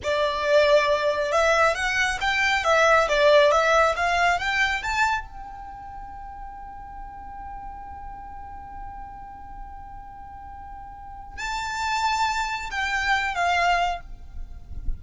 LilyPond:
\new Staff \with { instrumentName = "violin" } { \time 4/4 \tempo 4 = 137 d''2. e''4 | fis''4 g''4 e''4 d''4 | e''4 f''4 g''4 a''4 | g''1~ |
g''1~ | g''1~ | g''2 a''2~ | a''4 g''4. f''4. | }